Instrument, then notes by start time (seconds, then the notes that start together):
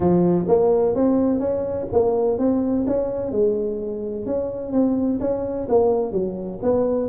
tuba
0.00 F3
0.48 A#3
0.95 C4
1.39 C#4
1.92 A#3
2.38 C4
2.86 C#4
3.31 G#3
4.26 C#4
4.72 C4
5.20 C#4
5.68 A#3
6.11 F#3
6.62 B3